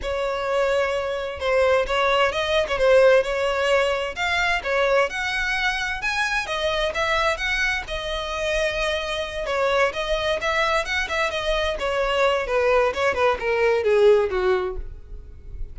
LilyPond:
\new Staff \with { instrumentName = "violin" } { \time 4/4 \tempo 4 = 130 cis''2. c''4 | cis''4 dis''8. cis''16 c''4 cis''4~ | cis''4 f''4 cis''4 fis''4~ | fis''4 gis''4 dis''4 e''4 |
fis''4 dis''2.~ | dis''8 cis''4 dis''4 e''4 fis''8 | e''8 dis''4 cis''4. b'4 | cis''8 b'8 ais'4 gis'4 fis'4 | }